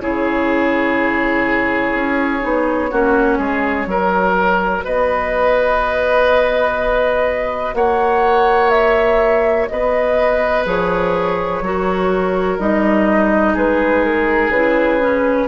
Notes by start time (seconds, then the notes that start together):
0.00 C#3 E4 G#4 C#5
1.94 C#4
2.40 B3 D#4
2.91 A#3 C#4 F#4
3.38 G#3 G#4
3.86 F#3 F#4 A#4
4.84 B3 B4 D#5
7.74 A#3 C#5 F#5
8.70 E5
9.68 B3 B4 D#5
10.65 F3 G#4 C#5
11.61 F#3 F#4 A#4
12.59 G3 D#4 D#5
13.53 G#3 G#4 B4
14.04 A#4
14.49 C#3 E4 B4
15.00 C#4